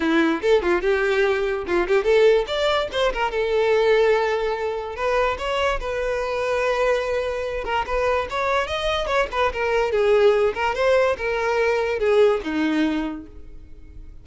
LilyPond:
\new Staff \with { instrumentName = "violin" } { \time 4/4 \tempo 4 = 145 e'4 a'8 f'8 g'2 | f'8 g'8 a'4 d''4 c''8 ais'8 | a'1 | b'4 cis''4 b'2~ |
b'2~ b'8 ais'8 b'4 | cis''4 dis''4 cis''8 b'8 ais'4 | gis'4. ais'8 c''4 ais'4~ | ais'4 gis'4 dis'2 | }